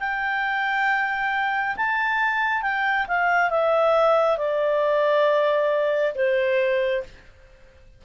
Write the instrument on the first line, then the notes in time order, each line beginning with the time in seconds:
clarinet
0.00 G5
1.77 A5
2.63 G5
3.08 F5
3.51 E5
4.38 D5
6.15 C5